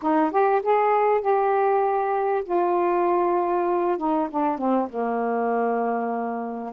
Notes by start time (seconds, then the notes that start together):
0.02 D#4
0.31 G4
0.62 G#4
1.21 G4
2.44 F4
3.97 D#4
4.30 D4
4.58 C4
4.89 A#3